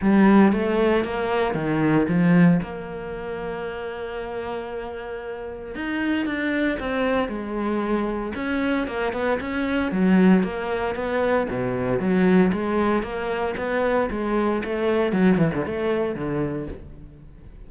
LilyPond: \new Staff \with { instrumentName = "cello" } { \time 4/4 \tempo 4 = 115 g4 a4 ais4 dis4 | f4 ais2.~ | ais2. dis'4 | d'4 c'4 gis2 |
cis'4 ais8 b8 cis'4 fis4 | ais4 b4 b,4 fis4 | gis4 ais4 b4 gis4 | a4 fis8 e16 d16 a4 d4 | }